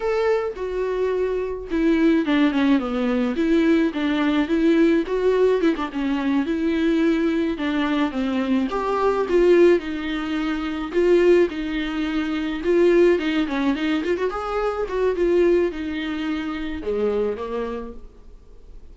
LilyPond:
\new Staff \with { instrumentName = "viola" } { \time 4/4 \tempo 4 = 107 a'4 fis'2 e'4 | d'8 cis'8 b4 e'4 d'4 | e'4 fis'4 e'16 d'16 cis'4 e'8~ | e'4. d'4 c'4 g'8~ |
g'8 f'4 dis'2 f'8~ | f'8 dis'2 f'4 dis'8 | cis'8 dis'8 f'16 fis'16 gis'4 fis'8 f'4 | dis'2 gis4 ais4 | }